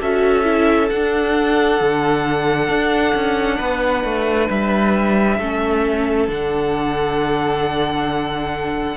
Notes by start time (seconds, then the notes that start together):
0.00 C#4 F#4 A4 E5
0.44 E4
0.89 D4 F#5
1.81 D3
2.69 D4
3.15 C#4
3.58 B3 B4
4.04 A3
4.50 G3 E5
5.39 A3 C#4 A4
6.28 D3 D4 F#5